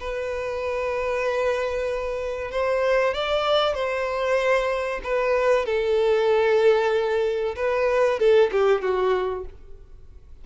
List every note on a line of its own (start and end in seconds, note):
0.00 2.51 B4
2.51 3.14 C5
3.14 3.74 D5
3.74 5.01 C5
5.04 5.66 B4
5.66 7.55 A4
7.56 8.19 B4
8.19 8.51 A4
8.51 8.81 G4
8.81 9.44 F#4